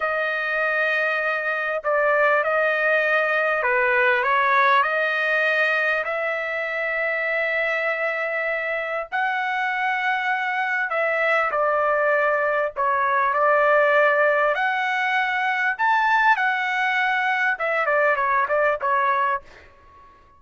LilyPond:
\new Staff \with { instrumentName = "trumpet" } { \time 4/4 \tempo 4 = 99 dis''2. d''4 | dis''2 b'4 cis''4 | dis''2 e''2~ | e''2. fis''4~ |
fis''2 e''4 d''4~ | d''4 cis''4 d''2 | fis''2 a''4 fis''4~ | fis''4 e''8 d''8 cis''8 d''8 cis''4 | }